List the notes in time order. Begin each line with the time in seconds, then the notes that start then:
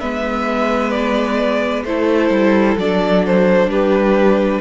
0.00 G#3 B3 B4 E5
0.91 D5
1.84 A3 E4 A4 C5
2.30 G3
2.77 F#3 D4 D5
3.26 C5
3.67 G3 G4 B4